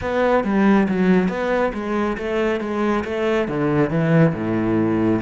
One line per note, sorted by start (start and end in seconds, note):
0.01 0.44 B3
0.44 0.87 G3
0.88 1.28 F#3
1.28 1.72 B3
1.73 2.17 G#3
2.17 2.60 A3
2.60 3.04 G#3
3.04 3.48 A3
3.48 3.89 D3
3.89 4.33 E3
4.34 5.21 A2